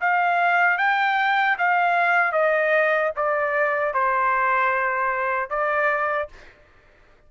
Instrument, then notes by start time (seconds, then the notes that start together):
trumpet
0.00 F5
0.78 G5
1.58 F5
2.32 D#5
3.16 D5
3.93 C5
5.49 D5